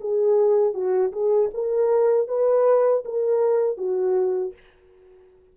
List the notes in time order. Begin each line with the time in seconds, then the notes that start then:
0.00 G#4
0.74 F#4
1.12 G#4
1.54 A#4
2.28 B4
3.05 A#4
3.77 F#4